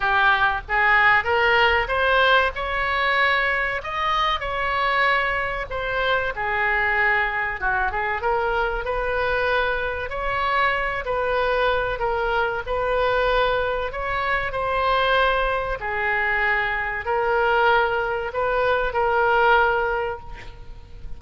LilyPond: \new Staff \with { instrumentName = "oboe" } { \time 4/4 \tempo 4 = 95 g'4 gis'4 ais'4 c''4 | cis''2 dis''4 cis''4~ | cis''4 c''4 gis'2 | fis'8 gis'8 ais'4 b'2 |
cis''4. b'4. ais'4 | b'2 cis''4 c''4~ | c''4 gis'2 ais'4~ | ais'4 b'4 ais'2 | }